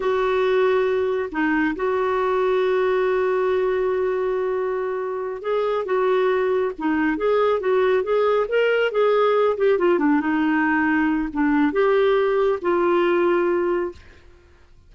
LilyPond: \new Staff \with { instrumentName = "clarinet" } { \time 4/4 \tempo 4 = 138 fis'2. dis'4 | fis'1~ | fis'1~ | fis'8 gis'4 fis'2 dis'8~ |
dis'8 gis'4 fis'4 gis'4 ais'8~ | ais'8 gis'4. g'8 f'8 d'8 dis'8~ | dis'2 d'4 g'4~ | g'4 f'2. | }